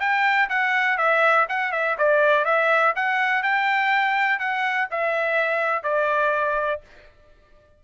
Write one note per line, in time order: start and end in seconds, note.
0.00 0.49 G5
0.49 0.98 F#5
0.98 1.46 E5
1.49 1.72 F#5
1.72 1.97 E5
1.98 2.45 D5
2.45 2.94 E5
2.96 3.43 F#5
3.43 4.39 G5
4.39 4.88 F#5
4.91 5.83 E5
5.83 6.81 D5